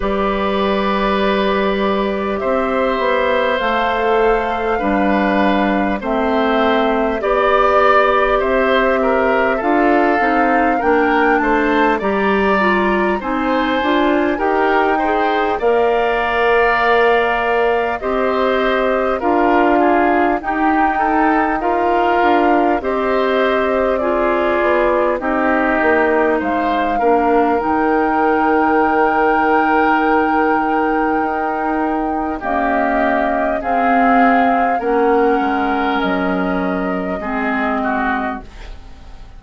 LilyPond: <<
  \new Staff \with { instrumentName = "flute" } { \time 4/4 \tempo 4 = 50 d''2 e''4 f''4~ | f''4 e''4 d''4 e''4 | f''4 g''8 a''8 ais''4 gis''4 | g''4 f''2 dis''4 |
f''4 g''4 f''4 dis''4 | d''4 dis''4 f''4 g''4~ | g''2. dis''4 | f''4 fis''4 dis''2 | }
  \new Staff \with { instrumentName = "oboe" } { \time 4/4 b'2 c''2 | b'4 c''4 d''4 c''8 ais'8 | a'4 ais'8 c''8 d''4 c''4 | ais'8 c''8 d''2 c''4 |
ais'8 gis'8 g'8 a'8 ais'4 c''4 | gis'4 g'4 c''8 ais'4.~ | ais'2. g'4 | gis'4 ais'2 gis'8 fis'8 | }
  \new Staff \with { instrumentName = "clarinet" } { \time 4/4 g'2. a'4 | d'4 c'4 g'2 | f'8 dis'8 d'4 g'8 f'8 dis'8 f'8 | g'8 gis'8 ais'2 g'4 |
f'4 dis'4 f'4 g'4 | f'4 dis'4. d'8 dis'4~ | dis'2. ais4 | c'4 cis'2 c'4 | }
  \new Staff \with { instrumentName = "bassoon" } { \time 4/4 g2 c'8 b8 a4 | g4 a4 b4 c'4 | d'8 c'8 ais8 a8 g4 c'8 d'8 | dis'4 ais2 c'4 |
d'4 dis'4. d'8 c'4~ | c'8 b8 c'8 ais8 gis8 ais8 dis4~ | dis2 dis'4 cis'4 | c'4 ais8 gis8 fis4 gis4 | }
>>